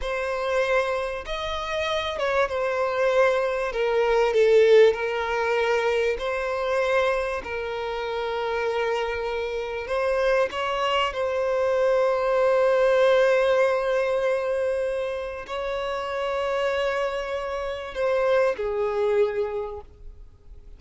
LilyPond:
\new Staff \with { instrumentName = "violin" } { \time 4/4 \tempo 4 = 97 c''2 dis''4. cis''8 | c''2 ais'4 a'4 | ais'2 c''2 | ais'1 |
c''4 cis''4 c''2~ | c''1~ | c''4 cis''2.~ | cis''4 c''4 gis'2 | }